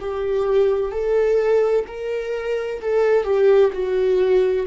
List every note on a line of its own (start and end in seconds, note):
0.00 0.92 G4
0.92 1.85 A4
1.87 2.81 A#4
2.81 3.24 A4
3.24 3.71 G4
3.73 4.67 F#4